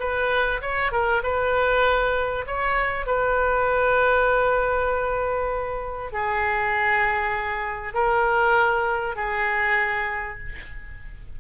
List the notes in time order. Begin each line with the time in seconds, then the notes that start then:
0.00 B4
0.62 C#5
0.92 A#4
1.23 B4
2.47 C#5
3.07 B4
6.12 G#4
7.94 A#4
9.16 G#4